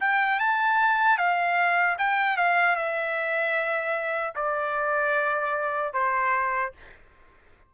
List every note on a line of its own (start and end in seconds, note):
0.00 0.39 G5
0.39 1.17 A5
1.17 1.96 F5
1.98 2.36 G5
2.36 2.76 F5
2.76 4.33 E5
4.35 5.93 D5
5.93 6.72 C5